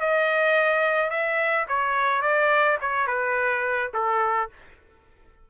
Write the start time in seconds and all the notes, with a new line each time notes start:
0.00 D#5
1.10 E5
1.68 C#5
2.22 D5
2.81 C#5
3.07 B4
3.94 A4